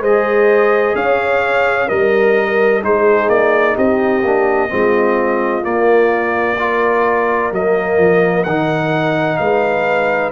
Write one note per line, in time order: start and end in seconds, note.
0.00 0.94 G#3
0.00 1.89 G#4
0.00 0.95 C5
0.00 0.96 D#5
0.95 1.88 C#4
0.95 1.87 C#5
0.95 1.88 F5
1.87 2.84 G3
1.87 2.81 A#4
1.87 2.82 A#4
1.87 2.82 D#5
2.82 3.28 G#3
2.82 4.23 D#4
2.82 3.75 G#4
2.82 3.29 C5
3.28 3.75 A#3
3.28 3.76 D5
3.75 4.23 C4
3.75 4.69 G4
3.75 5.64 D#5
4.23 4.70 A#3
4.23 4.68 D4
4.68 5.64 G#3
4.68 5.62 C4
4.68 6.58 F4
5.62 6.56 A#3
5.62 7.51 A#3
5.62 7.52 D5
6.58 7.52 F4
6.58 9.39 A#4
7.51 7.98 F#3
7.51 8.45 A#3
7.51 8.43 D#5
7.98 8.45 F3
8.43 9.39 D#3
8.43 10.32 D#4
8.43 9.37 F#5
9.37 10.32 G#3
9.37 10.32 B4
9.37 10.30 F5